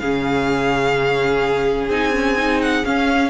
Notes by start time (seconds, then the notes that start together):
0.00 C#3 C#4 G#4 F5
1.89 C4 D#4 G#5
2.13 C#4
2.37 D#4
2.62 F#5
2.84 C#4 F5